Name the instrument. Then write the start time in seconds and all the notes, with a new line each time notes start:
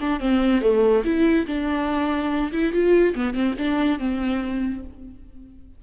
viola
0.00 D4
0.20 C4
0.61 A3
1.04 E4
1.47 D4
2.52 E4
2.72 F4
3.15 B3
3.34 C4
3.58 D4
3.99 C4